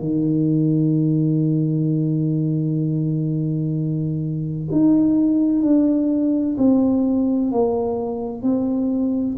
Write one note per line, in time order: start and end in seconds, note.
0.00 4.69 D#3
4.72 5.62 D#4
5.62 6.56 D4
6.58 7.52 C4
7.52 8.42 A#3
8.42 9.36 C4